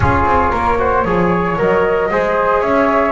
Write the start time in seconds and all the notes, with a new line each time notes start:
0.00 C#4 F4 G#4 C#5
0.25 C4
0.50 A#3 A#4
0.78 F#4 C5
1.04 F3 G#4 C#5
1.57 F#3 A#4 D#5
2.10 G#3 G#4 C5
2.60 C#4 C#5 E5